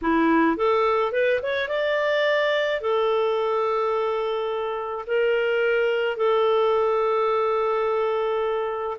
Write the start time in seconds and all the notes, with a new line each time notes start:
0.01 E4
0.56 A4
1.12 B4
1.42 C#5
1.68 D5
2.80 A4
5.06 A#4
6.16 A4